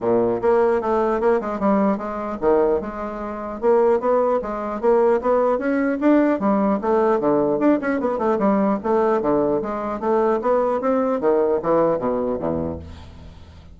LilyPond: \new Staff \with { instrumentName = "bassoon" } { \time 4/4 \tempo 4 = 150 ais,4 ais4 a4 ais8 gis8 | g4 gis4 dis4 gis4~ | gis4 ais4 b4 gis4 | ais4 b4 cis'4 d'4 |
g4 a4 d4 d'8 cis'8 | b8 a8 g4 a4 d4 | gis4 a4 b4 c'4 | dis4 e4 b,4 e,4 | }